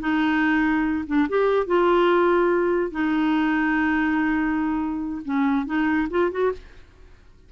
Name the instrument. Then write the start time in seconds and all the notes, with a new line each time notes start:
clarinet
0.00 D#4
1.07 D4
1.29 G4
1.66 F4
2.91 D#4
5.25 C#4
5.66 D#4
6.10 F4
6.31 F#4